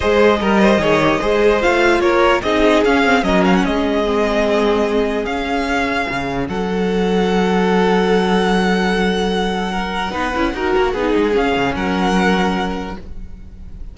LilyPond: <<
  \new Staff \with { instrumentName = "violin" } { \time 4/4 \tempo 4 = 148 dis''1 | f''4 cis''4 dis''4 f''4 | dis''8 f''16 fis''16 dis''2.~ | dis''4 f''2. |
fis''1~ | fis''1~ | fis''1 | f''4 fis''2. | }
  \new Staff \with { instrumentName = "violin" } { \time 4/4 c''4 ais'8 c''8 cis''4 c''4~ | c''4 ais'4 gis'2 | ais'4 gis'2.~ | gis'1 |
a'1~ | a'1 | ais'4 b'4 ais'4 gis'4~ | gis'4 ais'2. | }
  \new Staff \with { instrumentName = "viola" } { \time 4/4 gis'4 ais'4 gis'8 g'8 gis'4 | f'2 dis'4 cis'8 c'8 | cis'2 c'2~ | c'4 cis'2.~ |
cis'1~ | cis'1~ | cis'4 dis'8 e'8 fis'4 dis'4 | cis'1 | }
  \new Staff \with { instrumentName = "cello" } { \time 4/4 gis4 g4 dis4 gis4 | a4 ais4 c'4 cis'4 | fis4 gis2.~ | gis4 cis'2 cis4 |
fis1~ | fis1~ | fis4 b8 cis'8 dis'8 ais8 b8 gis8 | cis'8 cis8 fis2. | }
>>